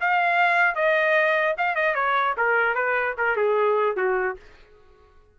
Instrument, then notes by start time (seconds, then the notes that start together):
trumpet
0.00 F5
0.75 D#5
1.57 F5
1.75 D#5
1.95 C#5
2.37 A#4
2.75 B4
3.17 A#4
3.36 G#4
3.96 F#4